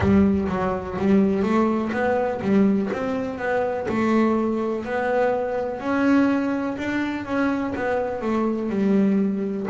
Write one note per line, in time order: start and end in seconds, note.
0.00 0.48 G3
0.48 0.97 F#3
0.98 1.43 G3
1.43 1.91 A3
1.92 2.41 B3
2.41 2.89 G3
2.93 3.38 C4
3.38 3.87 B3
3.88 4.84 A3
4.84 5.79 B3
5.79 6.76 C#4
6.77 7.25 D4
7.25 7.73 C#4
7.75 8.21 B3
8.21 8.69 A3
8.69 9.66 G3